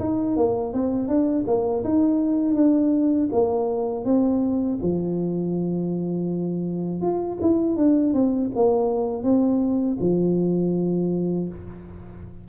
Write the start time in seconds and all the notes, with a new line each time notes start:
0.00 D#4
0.37 A#3
0.74 C4
1.08 D4
1.47 A#3
1.84 D#4
2.55 D4
3.32 A#3
4.05 C4
4.82 F3
7.02 F4
7.42 E4
7.77 D4
8.14 C4
8.56 A#3
9.23 C4
10.01 F3